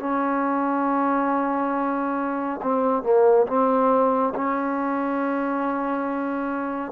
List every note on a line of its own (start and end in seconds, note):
0.00 2.61 C#4
2.63 3.03 C4
3.03 3.47 A#3
3.47 4.34 C4
4.35 6.92 C#4